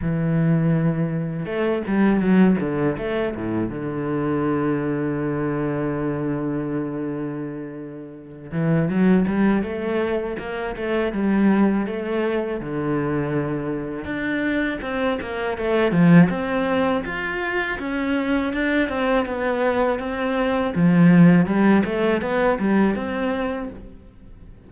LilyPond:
\new Staff \with { instrumentName = "cello" } { \time 4/4 \tempo 4 = 81 e2 a8 g8 fis8 d8 | a8 a,8 d2.~ | d2.~ d8 e8 | fis8 g8 a4 ais8 a8 g4 |
a4 d2 d'4 | c'8 ais8 a8 f8 c'4 f'4 | cis'4 d'8 c'8 b4 c'4 | f4 g8 a8 b8 g8 c'4 | }